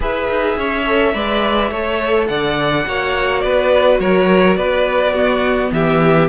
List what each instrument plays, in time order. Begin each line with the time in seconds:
0.00 cello E4, viola G#4, violin B4 E5
0.28 cello D#4
0.57 cello C#4, violin C#5
0.86 viola A4
1.13 cello G#3, viola B4, violin D5
1.70 cello A3, viola A4, violin C#5
2.27 cello D3, violin D5 F#5
2.86 cello A#3, viola F#4, violin C#5
3.40 cello B3, violin B4 D5
3.99 cello F#3, violin A#4 C#5
4.55 cello B3, violin B4 D5
5.13 viola B3, violin F#4
5.71 cello E3, violin G4 E5